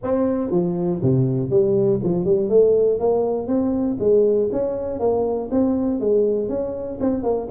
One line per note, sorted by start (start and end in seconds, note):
0.03 0.50 C4
0.50 1.00 F3
1.02 1.50 C3
1.50 2.00 G3
2.03 2.24 F3
2.24 2.49 G3
2.49 2.99 A3
2.99 3.47 A#3
3.47 3.97 C4
3.99 4.49 G#3
4.52 4.99 C#4
4.99 5.49 A#3
5.51 6.00 C4
6.00 6.49 G#3
6.49 6.99 C#4
7.00 7.23 C4
7.23 7.48 A#3